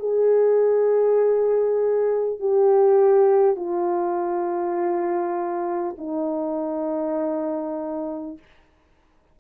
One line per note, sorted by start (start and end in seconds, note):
0.00 2.40 G#4
2.40 3.57 G4
3.57 5.97 F4
5.98 8.38 D#4